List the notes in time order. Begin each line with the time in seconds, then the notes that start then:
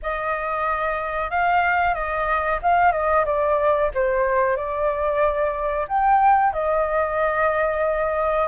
0.02 D#5
1.30 F5
1.94 D#5
2.62 F5
2.92 D#5
3.25 D5
3.94 C5
4.56 D5
5.88 G5
6.52 D#5